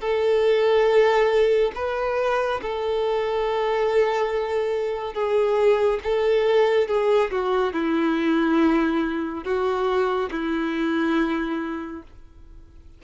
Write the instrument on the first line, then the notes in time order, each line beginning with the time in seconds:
violin
0.00 A4
1.75 B4
2.61 A4
5.14 G#4
6.03 A4
6.88 G#4
7.31 F#4
7.73 E4
9.44 F#4
10.31 E4